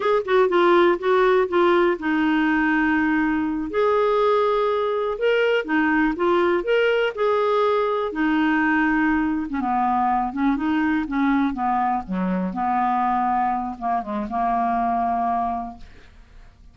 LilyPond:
\new Staff \with { instrumentName = "clarinet" } { \time 4/4 \tempo 4 = 122 gis'8 fis'8 f'4 fis'4 f'4 | dis'2.~ dis'8 gis'8~ | gis'2~ gis'8 ais'4 dis'8~ | dis'8 f'4 ais'4 gis'4.~ |
gis'8 dis'2~ dis'8. cis'16 b8~ | b4 cis'8 dis'4 cis'4 b8~ | b8 fis4 b2~ b8 | ais8 gis8 ais2. | }